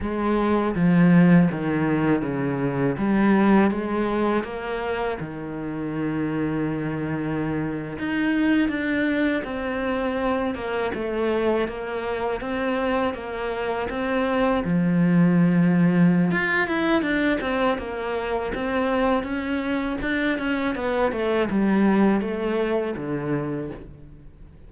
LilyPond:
\new Staff \with { instrumentName = "cello" } { \time 4/4 \tempo 4 = 81 gis4 f4 dis4 cis4 | g4 gis4 ais4 dis4~ | dis2~ dis8. dis'4 d'16~ | d'8. c'4. ais8 a4 ais16~ |
ais8. c'4 ais4 c'4 f16~ | f2 f'8 e'8 d'8 c'8 | ais4 c'4 cis'4 d'8 cis'8 | b8 a8 g4 a4 d4 | }